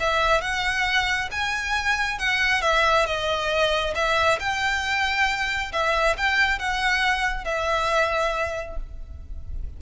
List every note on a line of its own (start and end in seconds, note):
0.00 0.41 E5
0.41 1.29 F#5
1.31 2.19 G#5
2.19 2.62 F#5
2.62 3.06 E5
3.06 3.94 D#5
3.95 4.39 E5
4.40 5.72 G5
5.73 6.17 E5
6.17 6.59 G5
6.59 7.45 F#5
7.45 8.77 E5